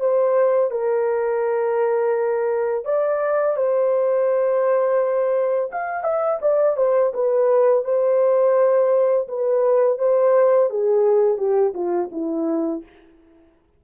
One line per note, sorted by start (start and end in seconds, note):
0.00 0.71 C5
0.71 2.85 A#4
2.85 3.56 D5
3.56 5.70 C5
5.71 6.04 F5
6.04 6.39 E5
6.42 6.77 D5
6.77 7.13 C5
7.13 7.84 B4
7.84 9.27 C5
9.28 9.98 B4
9.98 10.70 C5
10.70 11.38 G#4
11.38 11.73 G4
11.74 12.10 F4
12.12 12.83 E4